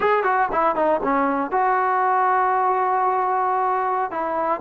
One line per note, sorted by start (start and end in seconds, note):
0.00 0.23 G#4
0.23 0.48 F#4
0.51 0.75 E4
0.75 1.00 D#4
1.02 1.51 C#4
1.51 4.11 F#4
4.11 4.60 E4